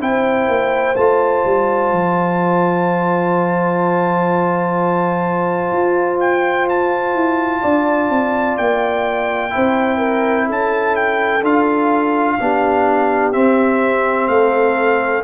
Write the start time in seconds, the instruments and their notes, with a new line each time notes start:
0.00 tuba C4, trombone E4, horn C5, trumpet G5
0.48 tuba A#3
0.95 tuba A3, trombone F4, trumpet A5
1.45 tuba G3
1.92 tuba F3
5.72 tuba F4
6.20 trumpet G5
6.69 trumpet A5
7.14 tuba E4
7.61 tuba D4, horn D5
8.09 tuba C4
8.57 tuba A#3, trumpet G5
9.50 tuba C4, trombone E4, horn C5
9.98 horn A#4
10.46 tuba C#4, horn A4, trumpet A5
10.96 trumpet G5
11.42 tuba D4, trombone F4, trumpet F5
12.40 tuba B3, trombone D4, horn G4
13.32 trombone C4, tuba C4, trumpet E5
14.27 tuba A3, horn A4, trumpet F5